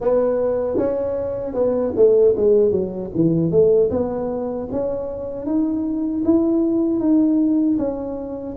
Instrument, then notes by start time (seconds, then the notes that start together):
tuba
0.00 B3
0.77 C#4
1.54 B3
1.96 A3
2.36 G#3
2.71 F#3
3.14 E3
3.51 A3
3.90 B3
4.71 C#4
5.45 D#4
6.24 E4
6.99 D#4
7.78 C#4